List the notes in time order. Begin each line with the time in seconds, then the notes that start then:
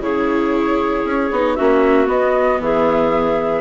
0.00 C#3 E4 G#4 C#5
1.04 C#4
1.32 B3 D#4
1.55 A#3 C#4 F#4 E5
2.07 B3 D#5
2.60 E3 G#4 E5